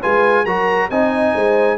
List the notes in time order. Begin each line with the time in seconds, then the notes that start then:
0.00 G#3 F4 B4 G#5
0.45 F#3 F#4 A#4 A#5
0.90 C4 D#4 D#5 G#5
1.34 G#3 C5